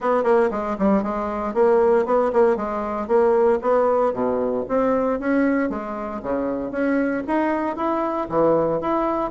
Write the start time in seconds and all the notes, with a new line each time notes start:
0.00 B3
0.23 A#3
0.50 G#3
0.78 G3
1.02 G#3
1.54 A#3
2.05 B3
2.33 A#3
2.56 G#3
3.07 A#3
3.61 B3
4.13 B2
4.68 C4
5.19 C#4
5.69 G#3
6.22 C#3
6.71 C#4
7.27 D#4
7.76 E4
8.29 E3
8.80 E4